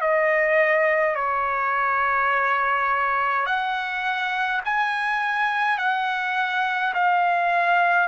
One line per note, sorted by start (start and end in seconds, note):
0.00 1.15 D#5
1.15 3.46 C#5
3.46 4.61 F#5
4.65 5.77 G#5
5.77 6.93 F#5
6.94 8.08 F5